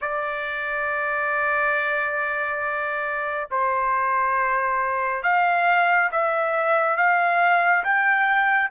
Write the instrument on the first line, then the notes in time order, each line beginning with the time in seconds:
trumpet
0.01 D5
3.51 C5
5.23 F5
6.11 E5
6.96 F5
7.83 G5